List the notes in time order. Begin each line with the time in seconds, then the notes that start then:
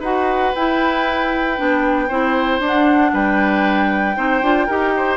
0.00 D#4 F#4 B4 F#5
0.55 E4 G5
1.56 B3 D4
2.08 C4 E4 C5
2.60 D4
2.66 F#5
3.13 G3 B4 G5
4.16 C4 D#4 C5
4.42 D4 F4
4.66 D#4 G4 A#4
4.97 C5